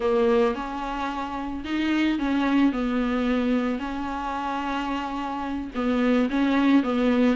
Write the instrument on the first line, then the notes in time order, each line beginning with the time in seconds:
viola
0.00 A#3
0.55 C#4
1.64 D#4
2.18 C#4
2.72 B3
3.79 C#4
5.74 B3
6.30 C#4
6.83 B3